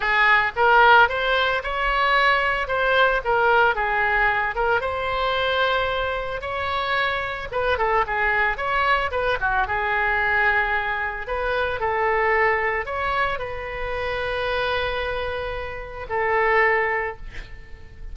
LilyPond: \new Staff \with { instrumentName = "oboe" } { \time 4/4 \tempo 4 = 112 gis'4 ais'4 c''4 cis''4~ | cis''4 c''4 ais'4 gis'4~ | gis'8 ais'8 c''2. | cis''2 b'8 a'8 gis'4 |
cis''4 b'8 fis'8 gis'2~ | gis'4 b'4 a'2 | cis''4 b'2.~ | b'2 a'2 | }